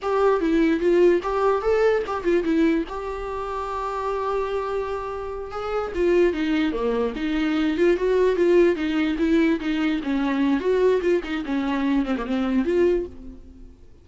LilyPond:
\new Staff \with { instrumentName = "viola" } { \time 4/4 \tempo 4 = 147 g'4 e'4 f'4 g'4 | a'4 g'8 f'8 e'4 g'4~ | g'1~ | g'4. gis'4 f'4 dis'8~ |
dis'8 ais4 dis'4. f'8 fis'8~ | fis'8 f'4 dis'4 e'4 dis'8~ | dis'8 cis'4. fis'4 f'8 dis'8 | cis'4. c'16 ais16 c'4 f'4 | }